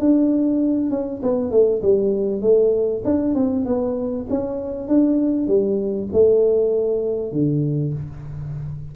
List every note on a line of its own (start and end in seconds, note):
0.00 0.90 D4
0.90 1.21 C#4
1.23 1.51 B3
1.51 1.82 A3
1.82 2.42 G3
2.42 3.03 A3
3.05 3.35 D4
3.35 3.65 C4
3.65 4.27 B3
4.30 4.88 C#4
4.88 5.47 D4
5.47 6.09 G3
6.13 7.32 A3
7.32 7.93 D3